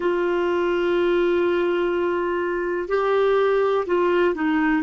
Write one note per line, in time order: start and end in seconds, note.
0.00 2.88 F4
2.88 3.85 G4
3.86 4.34 F4
4.34 4.82 D#4